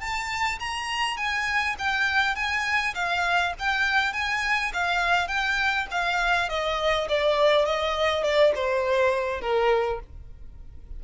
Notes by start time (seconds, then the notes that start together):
0.00 A5
0.59 A#5
1.17 G#5
1.79 G5
2.35 G#5
2.94 F5
3.59 G5
4.13 G#5
4.74 F5
5.28 G5
5.91 F5
6.49 D#5
7.09 D5
7.65 D#5
8.23 D5
8.55 C5
9.41 A#4